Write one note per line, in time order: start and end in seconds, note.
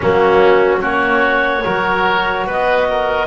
0.00 0.82 F#3
0.00 0.78 A#3
0.00 0.80 C#4
0.00 0.84 F#4
0.78 1.64 A#3
0.78 1.61 C#4
0.78 1.64 F#4
0.85 2.49 C#5
1.63 2.46 F#3
1.63 3.27 F#4
1.63 2.46 A#4
2.46 3.27 B3
2.46 2.87 B4
2.46 3.27 D#5
2.90 3.27 A#4